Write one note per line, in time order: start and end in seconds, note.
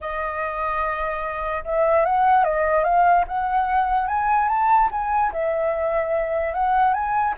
0.01 1.64 D#5
1.64 2.05 E5
2.05 2.44 F#5
2.44 2.83 D#5
2.83 3.24 F5
3.27 4.07 F#5
4.07 4.48 G#5
4.48 4.89 A5
4.91 5.32 G#5
5.32 6.53 E5
6.53 6.93 F#5
6.93 7.34 G#5